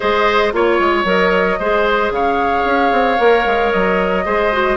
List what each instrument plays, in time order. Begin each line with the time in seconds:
0.00 bassoon G#3, clarinet G#4, oboe C5, flute D#5
0.52 bassoon A#3, clarinet F4, flute C#5, oboe C#5
0.79 bassoon G#3
1.04 bassoon F#3, clarinet A#4, flute D#5
1.59 bassoon G#3, clarinet G#4, oboe C5
2.10 bassoon C#3, oboe C#5, flute F5
2.64 bassoon C#4
2.91 bassoon C4
3.18 bassoon A#3, clarinet A#4
3.46 bassoon G#3
3.72 bassoon F#3, flute D#5
4.24 bassoon G#3, clarinet G#4, oboe C5
4.52 clarinet F#4